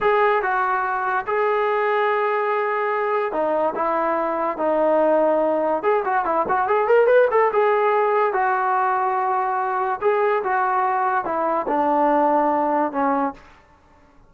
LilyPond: \new Staff \with { instrumentName = "trombone" } { \time 4/4 \tempo 4 = 144 gis'4 fis'2 gis'4~ | gis'1 | dis'4 e'2 dis'4~ | dis'2 gis'8 fis'8 e'8 fis'8 |
gis'8 ais'8 b'8 a'8 gis'2 | fis'1 | gis'4 fis'2 e'4 | d'2. cis'4 | }